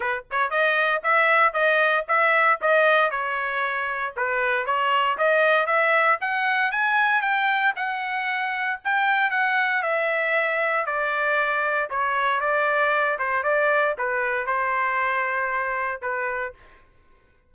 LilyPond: \new Staff \with { instrumentName = "trumpet" } { \time 4/4 \tempo 4 = 116 b'8 cis''8 dis''4 e''4 dis''4 | e''4 dis''4 cis''2 | b'4 cis''4 dis''4 e''4 | fis''4 gis''4 g''4 fis''4~ |
fis''4 g''4 fis''4 e''4~ | e''4 d''2 cis''4 | d''4. c''8 d''4 b'4 | c''2. b'4 | }